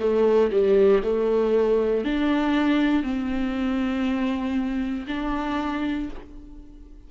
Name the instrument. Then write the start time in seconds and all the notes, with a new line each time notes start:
viola
0.00 A3
0.52 G3
1.04 A3
2.05 D4
3.03 C4
5.08 D4